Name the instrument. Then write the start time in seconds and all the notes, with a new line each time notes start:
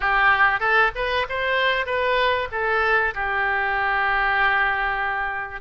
oboe
0.00 G4
0.60 A4
0.95 B4
1.29 C5
1.86 B4
2.51 A4
3.14 G4